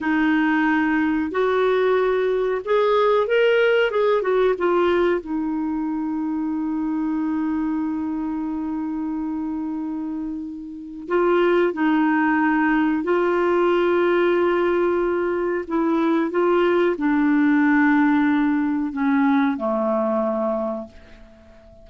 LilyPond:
\new Staff \with { instrumentName = "clarinet" } { \time 4/4 \tempo 4 = 92 dis'2 fis'2 | gis'4 ais'4 gis'8 fis'8 f'4 | dis'1~ | dis'1~ |
dis'4 f'4 dis'2 | f'1 | e'4 f'4 d'2~ | d'4 cis'4 a2 | }